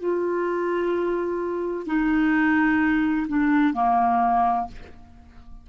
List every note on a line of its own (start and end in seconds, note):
0.00 1.87 F4
1.87 3.27 D#4
3.28 3.74 D4
3.74 4.67 A#3